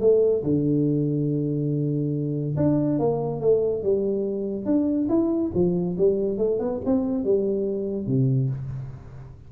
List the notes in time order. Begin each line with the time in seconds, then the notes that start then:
0.00 A3
0.43 D3
2.56 D4
2.98 A#3
3.40 A3
3.83 G3
4.65 D4
5.08 E4
5.54 F3
5.97 G3
6.38 A3
6.59 B3
6.85 C4
7.24 G3
8.06 C3